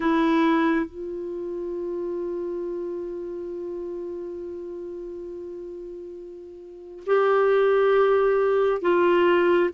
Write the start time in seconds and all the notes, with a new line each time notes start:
0.00 E4
0.86 F4
7.06 G4
8.81 F4